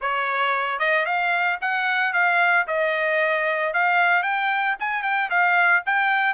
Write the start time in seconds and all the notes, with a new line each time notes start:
0.01 C#5
0.79 D#5
1.05 F5
1.61 F#5
2.13 F5
2.67 D#5
3.73 F5
4.23 G5
4.79 G#5
5.02 G5
5.30 F5
5.86 G5